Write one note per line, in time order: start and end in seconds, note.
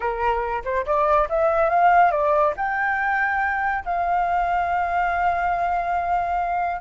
0.00 0.62 A#4
0.64 0.85 C5
0.86 1.28 D5
1.29 1.69 E5
1.69 2.11 F5
2.11 2.53 D5
2.56 3.84 G5
3.85 6.80 F5